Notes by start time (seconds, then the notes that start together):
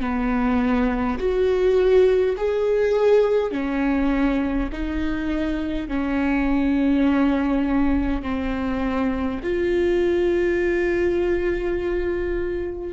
0.00 B3
1.18 F#4
2.37 G#4
3.51 C#4
4.72 D#4
5.88 C#4
8.22 C4
9.43 F4